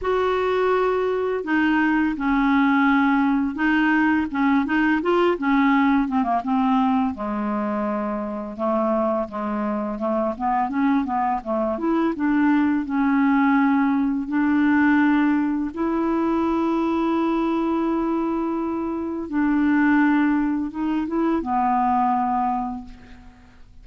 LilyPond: \new Staff \with { instrumentName = "clarinet" } { \time 4/4 \tempo 4 = 84 fis'2 dis'4 cis'4~ | cis'4 dis'4 cis'8 dis'8 f'8 cis'8~ | cis'8 c'16 ais16 c'4 gis2 | a4 gis4 a8 b8 cis'8 b8 |
a8 e'8 d'4 cis'2 | d'2 e'2~ | e'2. d'4~ | d'4 dis'8 e'8 b2 | }